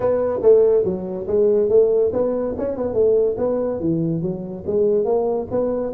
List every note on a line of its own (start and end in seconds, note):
0.00 0.40 B3
0.42 0.84 A3
0.84 1.26 F#3
1.27 1.69 G#3
1.69 2.11 A3
2.12 2.55 B3
2.58 2.77 C#4
2.77 2.93 B3
2.93 3.36 A3
3.37 3.79 B3
3.80 4.22 E3
4.22 4.64 F#3
4.66 5.04 G#3
5.04 5.47 A#3
5.50 5.93 B3